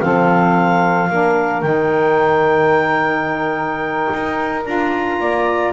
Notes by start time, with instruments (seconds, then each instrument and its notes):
0.00 double bass F3, saxophone C4 A4, clarinet F5
1.09 double bass A#3, saxophone D4 A#4
1.61 double bass D#3, saxophone D#4, clarinet G5
4.13 double bass D#4
4.65 double bass D4, saxophone F4, clarinet A#5
5.19 double bass A#3, saxophone D5